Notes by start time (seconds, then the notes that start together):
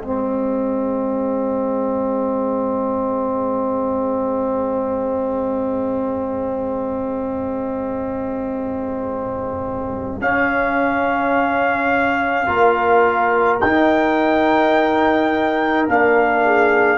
0.00 G#3 C4 G#4 D#5
10.21 C#4 F5
12.46 A#3 F4 A#4
13.60 D#4 G5
15.88 A#3 D4 F5
16.45 G#4